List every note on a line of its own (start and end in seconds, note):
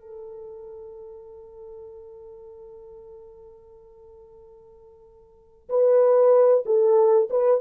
0.00 5.68 A4
5.69 6.63 B4
6.65 7.28 A4
7.30 7.60 B4